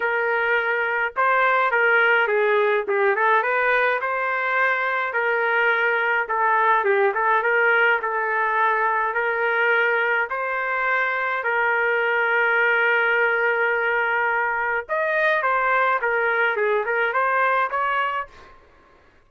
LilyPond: \new Staff \with { instrumentName = "trumpet" } { \time 4/4 \tempo 4 = 105 ais'2 c''4 ais'4 | gis'4 g'8 a'8 b'4 c''4~ | c''4 ais'2 a'4 | g'8 a'8 ais'4 a'2 |
ais'2 c''2 | ais'1~ | ais'2 dis''4 c''4 | ais'4 gis'8 ais'8 c''4 cis''4 | }